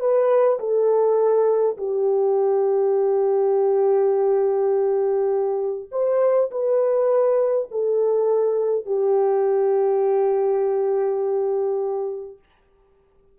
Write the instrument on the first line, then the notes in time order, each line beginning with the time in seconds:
horn
0.00 B4
0.60 A4
1.78 G4
5.91 C5
6.51 B4
7.72 A4
8.86 G4